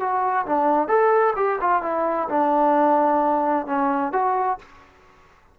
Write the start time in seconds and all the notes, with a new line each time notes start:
0.00 F#4
0.46 D4
0.88 A4
1.36 G4
1.61 F4
1.83 E4
2.29 D4
3.66 C#4
4.12 F#4